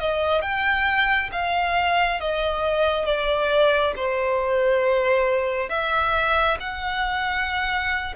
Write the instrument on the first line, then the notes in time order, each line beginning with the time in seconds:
violin
0.00 D#5
0.42 G5
1.32 F5
2.21 D#5
3.06 D5
3.96 C5
5.70 E5
6.61 F#5